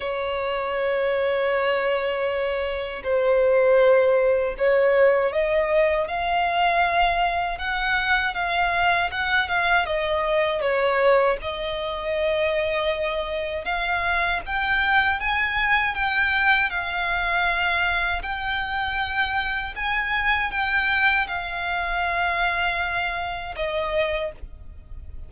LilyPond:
\new Staff \with { instrumentName = "violin" } { \time 4/4 \tempo 4 = 79 cis''1 | c''2 cis''4 dis''4 | f''2 fis''4 f''4 | fis''8 f''8 dis''4 cis''4 dis''4~ |
dis''2 f''4 g''4 | gis''4 g''4 f''2 | g''2 gis''4 g''4 | f''2. dis''4 | }